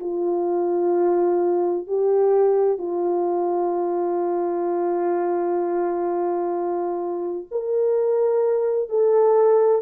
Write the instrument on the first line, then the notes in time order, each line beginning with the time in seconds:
horn
0.00 F4
1.87 G4
2.78 F4
7.51 A#4
8.89 A4